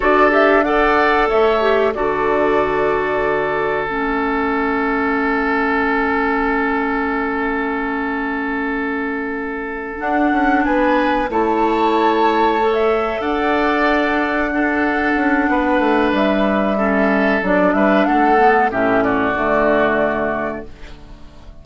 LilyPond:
<<
  \new Staff \with { instrumentName = "flute" } { \time 4/4 \tempo 4 = 93 d''8 e''8 fis''4 e''4 d''4~ | d''2 e''2~ | e''1~ | e''2.~ e''8 fis''8~ |
fis''8 gis''4 a''2~ a''16 e''16~ | e''8 fis''2.~ fis''8~ | fis''4 e''2 d''8 e''8 | fis''4 e''8 d''2~ d''8 | }
  \new Staff \with { instrumentName = "oboe" } { \time 4/4 a'4 d''4 cis''4 a'4~ | a'1~ | a'1~ | a'1~ |
a'8 b'4 cis''2~ cis''8~ | cis''8 d''2 a'4. | b'2 a'4. b'8 | a'4 g'8 fis'2~ fis'8 | }
  \new Staff \with { instrumentName = "clarinet" } { \time 4/4 fis'8 g'8 a'4. g'8 fis'4~ | fis'2 cis'2~ | cis'1~ | cis'2.~ cis'8 d'8~ |
d'4. e'2 a'8~ | a'2~ a'8 d'4.~ | d'2 cis'4 d'4~ | d'8 b8 cis'4 a2 | }
  \new Staff \with { instrumentName = "bassoon" } { \time 4/4 d'2 a4 d4~ | d2 a2~ | a1~ | a2.~ a8 d'8 |
cis'8 b4 a2~ a8~ | a8 d'2. cis'8 | b8 a8 g2 fis8 g8 | a4 a,4 d2 | }
>>